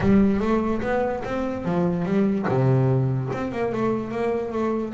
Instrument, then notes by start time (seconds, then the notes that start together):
double bass
0.00 G3
0.40 A3
0.81 B3
1.24 C4
1.64 F3
2.05 G3
2.48 C3
3.32 C4
3.52 A#3
3.72 A3
4.11 A#3
4.52 A3